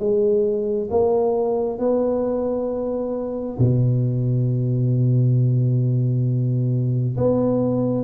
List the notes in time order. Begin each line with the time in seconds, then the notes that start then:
0.00 G#3
0.91 A#3
1.79 B3
3.59 B2
7.18 B3